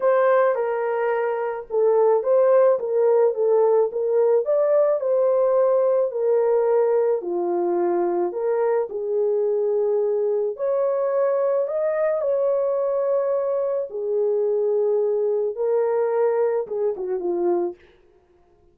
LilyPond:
\new Staff \with { instrumentName = "horn" } { \time 4/4 \tempo 4 = 108 c''4 ais'2 a'4 | c''4 ais'4 a'4 ais'4 | d''4 c''2 ais'4~ | ais'4 f'2 ais'4 |
gis'2. cis''4~ | cis''4 dis''4 cis''2~ | cis''4 gis'2. | ais'2 gis'8 fis'8 f'4 | }